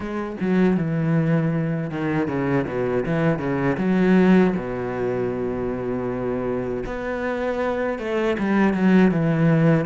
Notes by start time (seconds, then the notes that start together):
0.00 G#3
0.40 F#3
0.77 E3
1.90 D#3
2.28 C#3
2.67 B2
3.05 E3
3.38 C#3
3.77 F#3
4.56 B2
6.86 B3
7.98 A3
8.39 G3
8.73 F#3
9.11 E3